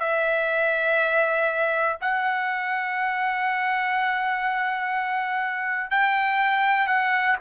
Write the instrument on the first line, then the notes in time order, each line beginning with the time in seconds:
trumpet
0.00 E5
2.01 F#5
5.91 G5
6.88 F#5